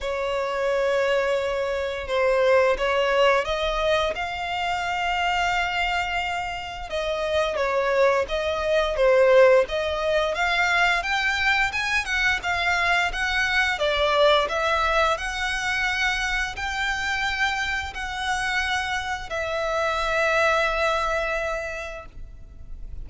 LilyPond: \new Staff \with { instrumentName = "violin" } { \time 4/4 \tempo 4 = 87 cis''2. c''4 | cis''4 dis''4 f''2~ | f''2 dis''4 cis''4 | dis''4 c''4 dis''4 f''4 |
g''4 gis''8 fis''8 f''4 fis''4 | d''4 e''4 fis''2 | g''2 fis''2 | e''1 | }